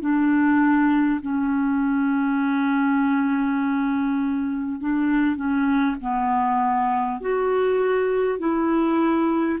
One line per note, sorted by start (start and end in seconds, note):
0.00 1.20 D4
1.21 4.80 C#4
4.80 5.36 D4
5.36 5.96 C#4
6.01 7.20 B3
7.20 8.38 F#4
8.38 9.58 E4